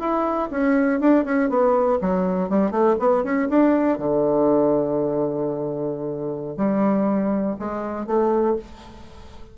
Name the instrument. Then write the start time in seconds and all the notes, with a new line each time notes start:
bassoon
0.00 E4
0.51 C#4
1.00 D4
1.25 C#4
1.49 B3
2.01 F#3
2.50 G3
2.71 A3
3.00 B3
3.24 C#4
3.50 D4
3.98 D3
6.57 G3
7.59 G#3
8.07 A3